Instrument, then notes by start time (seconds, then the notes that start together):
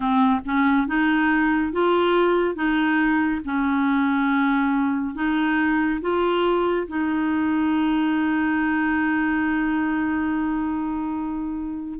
clarinet
0.00 C4
0.45 C#4
0.86 D#4
1.72 F4
2.55 D#4
3.44 C#4
5.14 D#4
6.01 F4
6.87 D#4